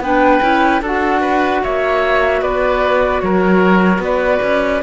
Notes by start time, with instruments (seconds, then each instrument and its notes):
0.00 cello B3, clarinet D4, oboe B4, flute G5
0.42 cello C#4, clarinet E4
0.82 cello D4, clarinet F#4, oboe A4, flute F#5
1.21 oboe B4
1.64 cello A#3, oboe C#5, flute E5
2.42 cello B3, oboe B4, flute D5
3.20 cello F#3, oboe A#4, flute C#5
3.99 cello B3, oboe B4, flute D5
4.43 cello C#4